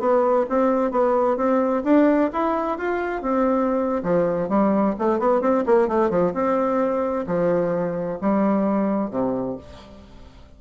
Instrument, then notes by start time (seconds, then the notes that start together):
bassoon
0.00 B3
0.50 C4
0.91 B3
1.37 C4
1.84 D4
2.33 E4
2.78 F4
3.22 C4
4.03 F3
4.49 G3
4.99 A3
5.19 B3
5.41 C4
5.66 A#3
5.88 A3
6.10 F3
6.34 C4
7.27 F3
8.21 G3
9.11 C3